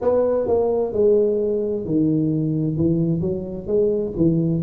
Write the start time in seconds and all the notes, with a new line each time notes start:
0.01 B3
0.47 A#3
0.92 G#3
1.85 D#3
2.76 E3
3.21 F#3
3.67 G#3
4.17 E3